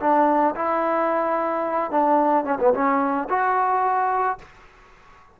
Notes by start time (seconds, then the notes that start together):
0.00 D4
0.55 E4
1.91 D4
2.44 C#4
2.60 B3
2.73 C#4
3.29 F#4